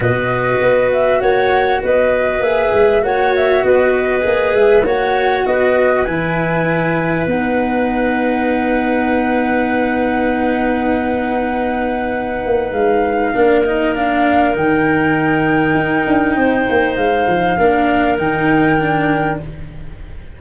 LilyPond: <<
  \new Staff \with { instrumentName = "flute" } { \time 4/4 \tempo 4 = 99 dis''4. e''8 fis''4 dis''4 | e''4 fis''8 e''8 dis''4. e''8 | fis''4 dis''4 gis''2 | fis''1~ |
fis''1~ | fis''4 f''4. dis''8 f''4 | g''1 | f''2 g''2 | }
  \new Staff \with { instrumentName = "clarinet" } { \time 4/4 b'2 cis''4 b'4~ | b'4 cis''4 b'2 | cis''4 b'2.~ | b'1~ |
b'1~ | b'2 ais'2~ | ais'2. c''4~ | c''4 ais'2. | }
  \new Staff \with { instrumentName = "cello" } { \time 4/4 fis'1 | gis'4 fis'2 gis'4 | fis'2 e'2 | dis'1~ |
dis'1~ | dis'2 d'8 dis'8 d'4 | dis'1~ | dis'4 d'4 dis'4 d'4 | }
  \new Staff \with { instrumentName = "tuba" } { \time 4/4 b,4 b4 ais4 b4 | ais8 gis8 ais4 b4 ais8 gis8 | ais4 b4 e2 | b1~ |
b1~ | b8 ais8 gis4 ais2 | dis2 dis'8 d'8 c'8 ais8 | gis8 f8 ais4 dis2 | }
>>